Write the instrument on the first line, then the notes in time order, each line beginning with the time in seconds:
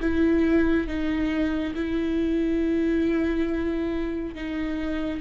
viola
0.00 E4
0.87 D#4
1.75 E4
4.35 D#4